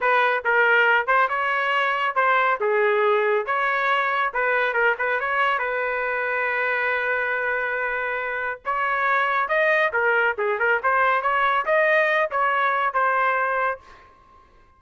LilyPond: \new Staff \with { instrumentName = "trumpet" } { \time 4/4 \tempo 4 = 139 b'4 ais'4. c''8 cis''4~ | cis''4 c''4 gis'2 | cis''2 b'4 ais'8 b'8 | cis''4 b'2.~ |
b'1 | cis''2 dis''4 ais'4 | gis'8 ais'8 c''4 cis''4 dis''4~ | dis''8 cis''4. c''2 | }